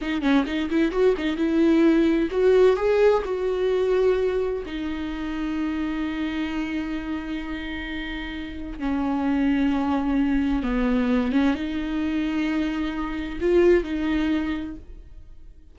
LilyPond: \new Staff \with { instrumentName = "viola" } { \time 4/4 \tempo 4 = 130 dis'8 cis'8 dis'8 e'8 fis'8 dis'8 e'4~ | e'4 fis'4 gis'4 fis'4~ | fis'2 dis'2~ | dis'1~ |
dis'2. cis'4~ | cis'2. b4~ | b8 cis'8 dis'2.~ | dis'4 f'4 dis'2 | }